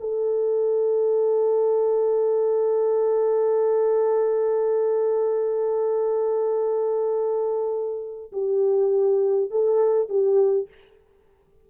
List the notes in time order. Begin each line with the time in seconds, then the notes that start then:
0.00 A4
8.32 G4
9.50 A4
10.09 G4